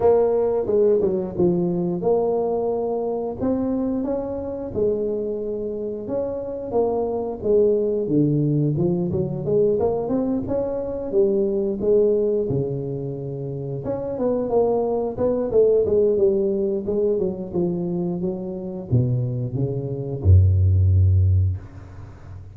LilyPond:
\new Staff \with { instrumentName = "tuba" } { \time 4/4 \tempo 4 = 89 ais4 gis8 fis8 f4 ais4~ | ais4 c'4 cis'4 gis4~ | gis4 cis'4 ais4 gis4 | d4 f8 fis8 gis8 ais8 c'8 cis'8~ |
cis'8 g4 gis4 cis4.~ | cis8 cis'8 b8 ais4 b8 a8 gis8 | g4 gis8 fis8 f4 fis4 | b,4 cis4 fis,2 | }